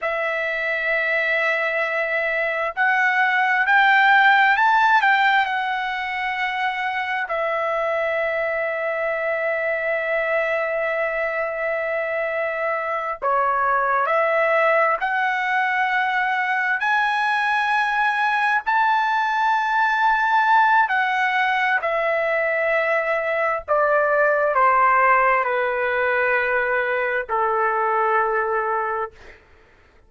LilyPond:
\new Staff \with { instrumentName = "trumpet" } { \time 4/4 \tempo 4 = 66 e''2. fis''4 | g''4 a''8 g''8 fis''2 | e''1~ | e''2~ e''8 cis''4 e''8~ |
e''8 fis''2 gis''4.~ | gis''8 a''2~ a''8 fis''4 | e''2 d''4 c''4 | b'2 a'2 | }